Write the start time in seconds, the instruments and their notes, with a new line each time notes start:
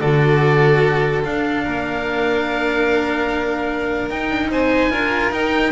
0.00 double bass D3, cello F#4, violin A4, oboe D5
1.24 cello D4, double bass D4, oboe F5
1.64 double bass A#3, violin A#4
4.10 cello D#4, double bass D#4, oboe G5
4.30 double bass D4
4.49 double bass C4, violin C5, oboe G#5
4.90 double bass D4, cello F4, violin A#4
5.30 double bass D#4, cello D#4, oboe G5